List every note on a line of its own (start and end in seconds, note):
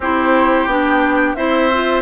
0.00 0.66 C4
0.00 0.69 E4
0.00 1.36 G4
0.00 0.68 C5
0.66 1.34 B3
0.66 1.36 D4
0.66 1.35 G5
1.35 2.02 C4
1.35 1.70 E4
1.35 2.02 C5
1.35 2.02 E5
1.73 2.02 F4